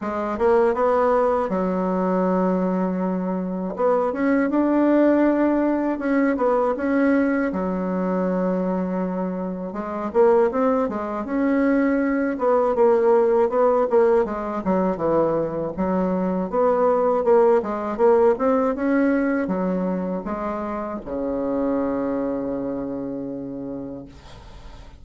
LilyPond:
\new Staff \with { instrumentName = "bassoon" } { \time 4/4 \tempo 4 = 80 gis8 ais8 b4 fis2~ | fis4 b8 cis'8 d'2 | cis'8 b8 cis'4 fis2~ | fis4 gis8 ais8 c'8 gis8 cis'4~ |
cis'8 b8 ais4 b8 ais8 gis8 fis8 | e4 fis4 b4 ais8 gis8 | ais8 c'8 cis'4 fis4 gis4 | cis1 | }